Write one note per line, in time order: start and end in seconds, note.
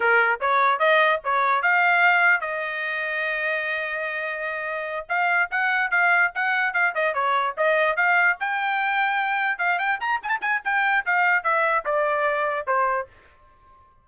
0.00 0.40 A#4
0.40 0.79 C#5
0.79 1.20 D#5
1.24 1.62 C#5
1.62 2.41 F5
2.41 5.06 D#5
5.08 5.49 F5
5.50 5.90 F#5
5.90 6.31 F5
6.35 6.73 F#5
6.73 6.94 F5
6.94 7.13 D#5
7.13 7.54 C#5
7.57 7.96 D#5
7.96 8.37 F5
8.40 9.58 G5
9.58 9.78 F5
9.78 9.99 G5
10.00 10.20 A#5
10.22 10.28 G#5
10.22 10.39 A5
10.41 10.61 G#5
10.64 11.05 G5
11.05 11.43 F5
11.43 11.84 E5
11.85 12.66 D5
12.66 13.07 C5